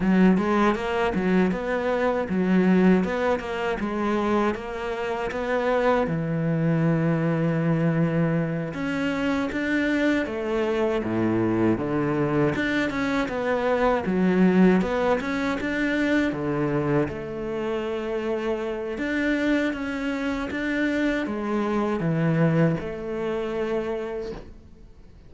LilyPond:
\new Staff \with { instrumentName = "cello" } { \time 4/4 \tempo 4 = 79 fis8 gis8 ais8 fis8 b4 fis4 | b8 ais8 gis4 ais4 b4 | e2.~ e8 cis'8~ | cis'8 d'4 a4 a,4 d8~ |
d8 d'8 cis'8 b4 fis4 b8 | cis'8 d'4 d4 a4.~ | a4 d'4 cis'4 d'4 | gis4 e4 a2 | }